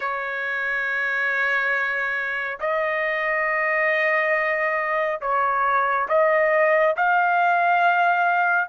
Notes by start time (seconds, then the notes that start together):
0.00 C#5
2.59 D#5
5.21 C#5
6.08 D#5
6.96 F5